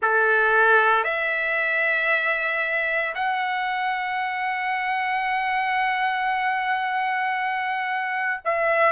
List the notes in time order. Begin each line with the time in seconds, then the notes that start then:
0.02 A4
1.03 E5
3.14 F#5
8.44 E5